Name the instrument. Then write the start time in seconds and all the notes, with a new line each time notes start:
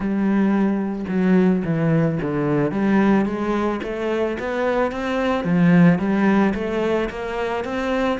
cello
0.00 G3
1.08 F#3
1.64 E3
2.22 D3
2.71 G3
3.25 G#3
3.83 A3
4.39 B3
4.91 C4
5.44 F3
5.99 G3
6.54 A3
7.09 A#3
7.64 C4